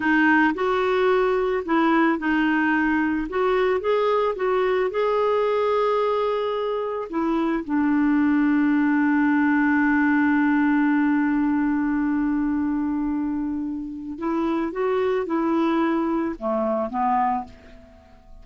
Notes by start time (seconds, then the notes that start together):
0.00 D#4
0.54 F#4
1.65 E4
2.18 D#4
3.29 F#4
3.80 G#4
4.35 F#4
4.90 G#4
7.09 E4
7.64 D4
14.18 E4
14.71 F#4
15.26 E4
16.39 A3
16.89 B3